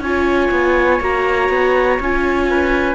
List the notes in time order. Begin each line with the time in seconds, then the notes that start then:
0.00 C#4 F4 C#5 G#5
0.52 B3
1.01 A#3 F#4 A#5
1.50 B3
2.00 C#4 F4 G#5
2.51 B4